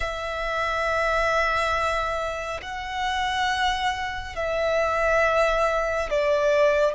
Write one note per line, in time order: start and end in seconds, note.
0.00 2.60 E5
2.61 4.35 F#5
4.35 6.09 E5
6.09 6.94 D5